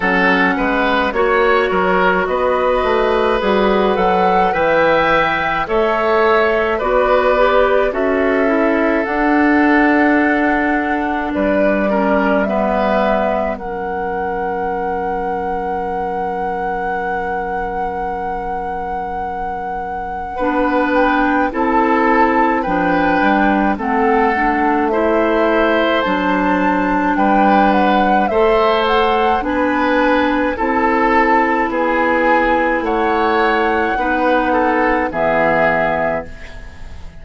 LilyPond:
<<
  \new Staff \with { instrumentName = "flute" } { \time 4/4 \tempo 4 = 53 fis''4 cis''4 dis''4 fis'8 fis''8 | g''4 e''4 d''4 e''4 | fis''2 d''4 e''4 | fis''1~ |
fis''2~ fis''8 g''8 a''4 | g''4 fis''4 e''4 a''4 | g''8 fis''8 e''8 fis''8 gis''4 a''4 | gis''4 fis''2 e''4 | }
  \new Staff \with { instrumentName = "oboe" } { \time 4/4 a'8 b'8 cis''8 ais'8 b'2 | e''4 cis''4 b'4 a'4~ | a'2 b'8 ais'8 b'4 | ais'1~ |
ais'2 b'4 a'4 | b'4 a'4 c''2 | b'4 c''4 b'4 a'4 | gis'4 cis''4 b'8 a'8 gis'4 | }
  \new Staff \with { instrumentName = "clarinet" } { \time 4/4 cis'4 fis'2 gis'8 a'8 | b'4 a'4 fis'8 g'8 fis'8 e'8 | d'2~ d'8 cis'8 b4 | cis'1~ |
cis'2 d'4 e'4 | d'4 c'8 d'8 e'4 d'4~ | d'4 a'4 d'4 e'4~ | e'2 dis'4 b4 | }
  \new Staff \with { instrumentName = "bassoon" } { \time 4/4 fis8 gis8 ais8 fis8 b8 a8 g8 fis8 | e4 a4 b4 cis'4 | d'2 g2 | fis1~ |
fis2 b4 c'4 | f8 g8 a2 fis4 | g4 a4 b4 c'4 | b4 a4 b4 e4 | }
>>